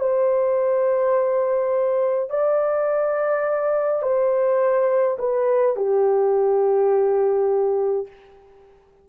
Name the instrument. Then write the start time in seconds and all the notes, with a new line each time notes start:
horn
0.00 C5
2.30 D5
4.02 C5
5.19 B4
5.76 G4